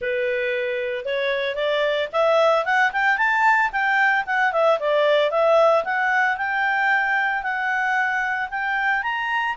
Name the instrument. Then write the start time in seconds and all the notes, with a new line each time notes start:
clarinet
0.01 B4
1.05 C#5
1.55 D5
2.12 E5
2.65 F#5
2.92 G5
3.17 A5
3.71 G5
4.26 F#5
4.52 E5
4.79 D5
5.30 E5
5.84 F#5
6.37 G5
7.42 F#5
8.50 G5
9.02 A#5